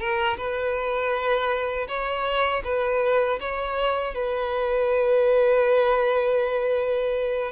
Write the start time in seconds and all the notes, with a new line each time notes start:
0.00 A#4
0.38 B4
1.89 C#5
2.65 B4
3.41 C#5
4.15 B4